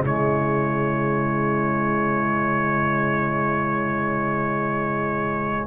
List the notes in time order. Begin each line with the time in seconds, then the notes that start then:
0.00 C#3 G#3 E4
0.06 C#5